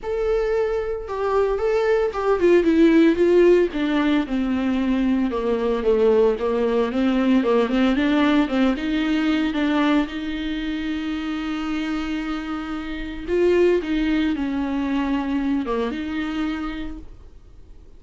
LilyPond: \new Staff \with { instrumentName = "viola" } { \time 4/4 \tempo 4 = 113 a'2 g'4 a'4 | g'8 f'8 e'4 f'4 d'4 | c'2 ais4 a4 | ais4 c'4 ais8 c'8 d'4 |
c'8 dis'4. d'4 dis'4~ | dis'1~ | dis'4 f'4 dis'4 cis'4~ | cis'4. ais8 dis'2 | }